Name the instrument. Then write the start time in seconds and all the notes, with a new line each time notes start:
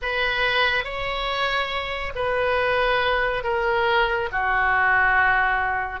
oboe
0.02 B4
0.84 C#5
2.15 B4
3.43 A#4
4.32 F#4